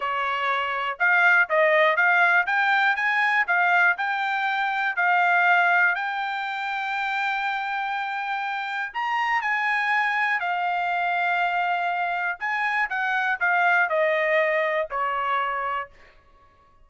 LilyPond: \new Staff \with { instrumentName = "trumpet" } { \time 4/4 \tempo 4 = 121 cis''2 f''4 dis''4 | f''4 g''4 gis''4 f''4 | g''2 f''2 | g''1~ |
g''2 ais''4 gis''4~ | gis''4 f''2.~ | f''4 gis''4 fis''4 f''4 | dis''2 cis''2 | }